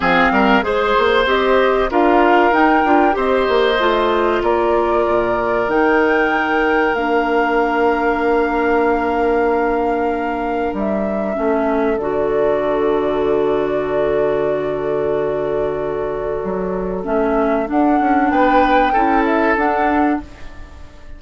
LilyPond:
<<
  \new Staff \with { instrumentName = "flute" } { \time 4/4 \tempo 4 = 95 f''4 c''4 dis''4 f''4 | g''4 dis''2 d''4~ | d''4 g''2 f''4~ | f''1~ |
f''4 e''2 d''4~ | d''1~ | d''2. e''4 | fis''4 g''4. e''8 fis''4 | }
  \new Staff \with { instrumentName = "oboe" } { \time 4/4 gis'8 ais'8 c''2 ais'4~ | ais'4 c''2 ais'4~ | ais'1~ | ais'1~ |
ais'2 a'2~ | a'1~ | a'1~ | a'4 b'4 a'2 | }
  \new Staff \with { instrumentName = "clarinet" } { \time 4/4 c'4 gis'4 g'4 f'4 | dis'8 f'8 g'4 f'2~ | f'4 dis'2 d'4~ | d'1~ |
d'2 cis'4 fis'4~ | fis'1~ | fis'2. cis'4 | d'2 e'4 d'4 | }
  \new Staff \with { instrumentName = "bassoon" } { \time 4/4 f8 g8 gis8 ais8 c'4 d'4 | dis'8 d'8 c'8 ais8 a4 ais4 | ais,4 dis2 ais4~ | ais1~ |
ais4 g4 a4 d4~ | d1~ | d2 fis4 a4 | d'8 cis'8 b4 cis'4 d'4 | }
>>